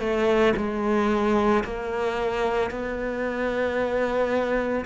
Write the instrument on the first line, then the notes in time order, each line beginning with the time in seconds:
cello
0.00 A3
0.56 G#3
1.64 A#3
2.71 B3